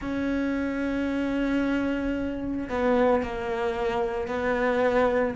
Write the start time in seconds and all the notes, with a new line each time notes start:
0.00 C#4
2.69 B3
3.22 A#3
4.27 B3